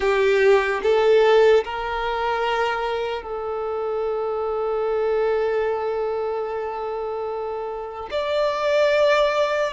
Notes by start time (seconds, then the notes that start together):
0.00 G4
0.83 A4
1.64 A#4
3.22 A4
8.10 D5